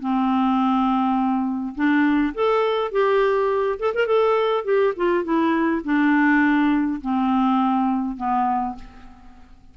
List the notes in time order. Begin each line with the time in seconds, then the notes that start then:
0.00 C4
1.75 D4
2.35 A4
2.92 G4
3.79 A4
3.95 A#4
4.07 A4
4.64 G4
4.96 F4
5.24 E4
5.84 D4
7.01 C4
8.17 B3